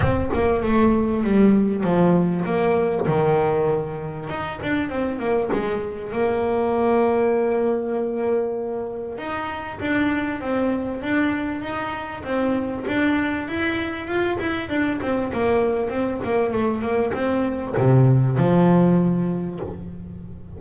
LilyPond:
\new Staff \with { instrumentName = "double bass" } { \time 4/4 \tempo 4 = 98 c'8 ais8 a4 g4 f4 | ais4 dis2 dis'8 d'8 | c'8 ais8 gis4 ais2~ | ais2. dis'4 |
d'4 c'4 d'4 dis'4 | c'4 d'4 e'4 f'8 e'8 | d'8 c'8 ais4 c'8 ais8 a8 ais8 | c'4 c4 f2 | }